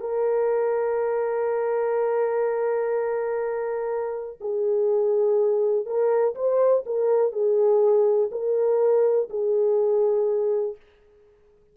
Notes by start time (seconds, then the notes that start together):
0.00 A#4
4.41 G#4
5.86 A#4
6.35 C5
6.86 A#4
7.32 G#4
8.31 A#4
9.30 G#4